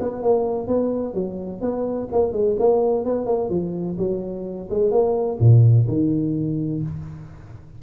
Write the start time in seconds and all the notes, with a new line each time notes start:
0.00 B3
0.22 A#3
0.67 B3
1.14 F#3
1.61 B3
2.12 A#3
2.32 G#3
2.59 A#3
3.05 B3
3.26 A#3
3.50 F3
3.98 F#3
4.70 G#3
4.91 A#3
5.40 A#2
5.88 D#3